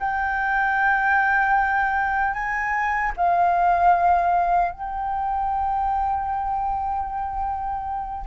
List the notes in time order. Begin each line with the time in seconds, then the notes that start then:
0.00 G5
2.34 G#5
3.17 F5
4.72 G5